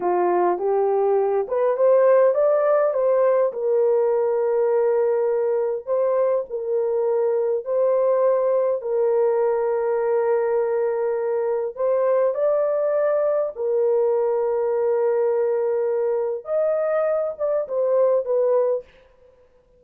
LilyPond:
\new Staff \with { instrumentName = "horn" } { \time 4/4 \tempo 4 = 102 f'4 g'4. b'8 c''4 | d''4 c''4 ais'2~ | ais'2 c''4 ais'4~ | ais'4 c''2 ais'4~ |
ais'1 | c''4 d''2 ais'4~ | ais'1 | dis''4. d''8 c''4 b'4 | }